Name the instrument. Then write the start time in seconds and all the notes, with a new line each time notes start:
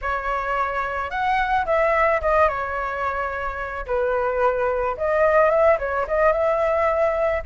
flute
0.01 C#5
1.10 F#5
1.65 E5
2.21 D#5
2.48 C#5
3.86 B4
4.97 D#5
5.50 E5
5.78 C#5
6.07 D#5
6.32 E5